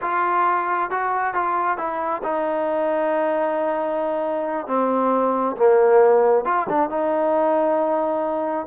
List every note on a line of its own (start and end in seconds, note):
0.01 0.90 F4
0.90 1.34 F#4
1.34 1.77 F4
1.77 2.22 E4
2.23 4.67 D#4
4.67 5.56 C4
5.56 6.44 A#3
6.44 6.67 F4
6.69 6.89 D4
6.89 8.66 D#4